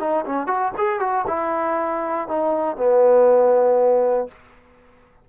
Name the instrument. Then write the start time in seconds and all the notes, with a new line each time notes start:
trombone
0.00 D#4
0.26 C#4
0.47 F#4
0.78 G#4
1.00 F#4
1.28 E4
2.29 D#4
2.77 B3